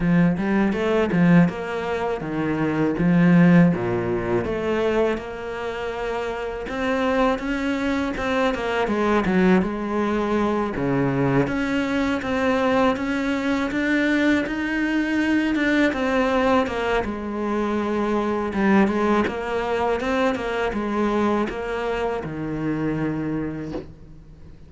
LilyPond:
\new Staff \with { instrumentName = "cello" } { \time 4/4 \tempo 4 = 81 f8 g8 a8 f8 ais4 dis4 | f4 ais,4 a4 ais4~ | ais4 c'4 cis'4 c'8 ais8 | gis8 fis8 gis4. cis4 cis'8~ |
cis'8 c'4 cis'4 d'4 dis'8~ | dis'4 d'8 c'4 ais8 gis4~ | gis4 g8 gis8 ais4 c'8 ais8 | gis4 ais4 dis2 | }